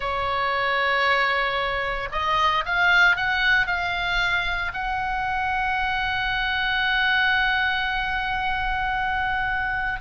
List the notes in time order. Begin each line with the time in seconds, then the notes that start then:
0.00 C#5
2.11 D#5
2.65 F5
3.16 F#5
3.66 F5
4.73 F#5